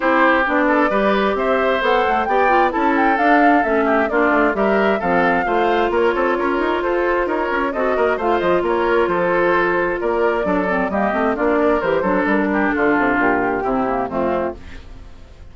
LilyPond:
<<
  \new Staff \with { instrumentName = "flute" } { \time 4/4 \tempo 4 = 132 c''4 d''2 e''4 | fis''4 g''4 a''8 g''8 f''4 | e''4 d''4 e''4 f''4~ | f''4 cis''2 c''4 |
cis''4 dis''4 f''8 dis''8 cis''4 | c''2 d''2 | dis''4 d''4 c''4 ais'4 | a'4 g'2 f'4 | }
  \new Staff \with { instrumentName = "oboe" } { \time 4/4 g'4. a'8 b'4 c''4~ | c''4 d''4 a'2~ | a'8 g'8 f'4 ais'4 a'4 | c''4 ais'8 a'8 ais'4 a'4 |
ais'4 a'8 ais'8 c''4 ais'4 | a'2 ais'4 a'4 | g'4 f'8 ais'4 a'4 g'8 | f'2 e'4 c'4 | }
  \new Staff \with { instrumentName = "clarinet" } { \time 4/4 e'4 d'4 g'2 | a'4 g'8 f'8 e'4 d'4 | cis'4 d'4 g'4 c'4 | f'1~ |
f'4 fis'4 f'2~ | f'2. d'8 c'8 | ais8 c'8 d'4 g'8 d'4.~ | d'2 c'8 ais8 a4 | }
  \new Staff \with { instrumentName = "bassoon" } { \time 4/4 c'4 b4 g4 c'4 | b8 a8 b4 cis'4 d'4 | a4 ais8 a8 g4 f4 | a4 ais8 c'8 cis'8 dis'8 f'4 |
dis'8 cis'8 c'8 ais8 a8 f8 ais4 | f2 ais4 fis4 | g8 a8 ais4 e8 fis8 g4 | d8 c8 ais,4 c4 f,4 | }
>>